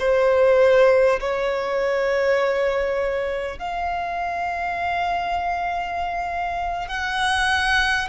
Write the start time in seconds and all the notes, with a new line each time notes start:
0.00 C5
1.21 C#5
3.59 F5
6.88 F#5